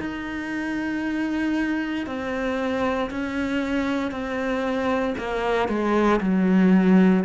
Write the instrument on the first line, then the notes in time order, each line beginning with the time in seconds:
cello
0.00 D#4
2.06 C4
3.10 C#4
4.11 C4
5.18 A#3
5.68 G#3
6.20 F#3